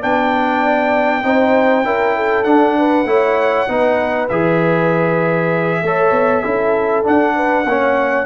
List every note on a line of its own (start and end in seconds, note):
0.00 1.23 B3
0.00 1.23 D4
0.00 1.22 D5
0.00 2.44 G5
1.23 1.83 C4
1.23 1.84 D#4
1.23 1.85 C5
1.83 2.44 C#4
1.83 2.44 E4
1.83 2.16 A#4
2.16 2.77 A4
2.44 3.05 D4
2.44 3.04 D4
2.44 4.27 F#5
2.78 3.07 B4
3.04 3.66 A3
3.04 3.67 E4
3.04 3.69 C#5
3.68 4.30 B3
3.68 4.29 D#4
3.68 5.84 B4
4.29 5.82 E3
4.29 5.84 G#4
4.29 7.04 E5
5.82 6.11 A3
5.82 6.43 A4
5.82 6.42 C#5
6.11 6.42 B3
6.42 7.06 C#4
6.42 7.03 E4
6.42 7.34 A4
7.03 7.64 D4
7.03 7.65 D4
7.03 8.26 F#5
7.36 7.66 B4
7.65 8.26 A#3
7.65 8.26 C#4
7.65 8.26 C#5